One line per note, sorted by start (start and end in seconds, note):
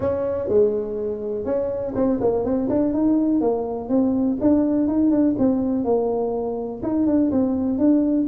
0.00 0.48 C#4
0.48 1.45 G#3
1.45 1.94 C#4
1.95 2.19 C4
2.20 2.44 A#3
2.44 2.69 C4
2.69 2.93 D4
2.93 3.41 D#4
3.41 3.88 A#3
3.88 4.37 C4
4.41 4.87 D4
4.87 5.11 D#4
5.11 5.35 D4
5.38 5.84 C4
5.84 6.81 A#3
6.82 7.06 D#4
7.06 7.31 D4
7.31 7.78 C4
7.78 8.27 D4